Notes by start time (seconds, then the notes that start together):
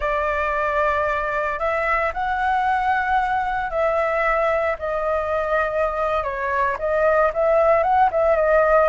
0.00 D5
1.59 E5
2.13 F#5
3.70 E5
4.79 D#5
6.23 C#5
6.78 D#5
7.33 E5
7.83 F#5
8.11 E5
8.36 D#5